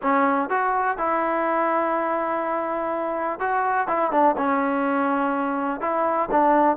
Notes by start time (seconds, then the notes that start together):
0.02 C#4
0.49 F#4
0.97 E4
3.39 F#4
3.87 E4
4.11 D4
4.37 C#4
5.81 E4
6.31 D4